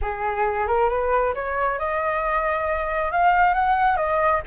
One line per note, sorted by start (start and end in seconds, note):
0.01 0.67 G#4
0.67 0.89 A#4
0.89 1.33 B4
1.34 1.79 C#5
1.79 3.11 D#5
3.11 3.54 F5
3.54 3.97 F#5
3.97 4.41 D#5